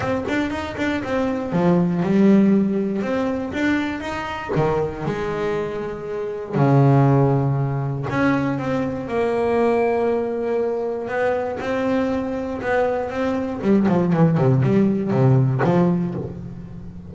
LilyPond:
\new Staff \with { instrumentName = "double bass" } { \time 4/4 \tempo 4 = 119 c'8 d'8 dis'8 d'8 c'4 f4 | g2 c'4 d'4 | dis'4 dis4 gis2~ | gis4 cis2. |
cis'4 c'4 ais2~ | ais2 b4 c'4~ | c'4 b4 c'4 g8 f8 | e8 c8 g4 c4 f4 | }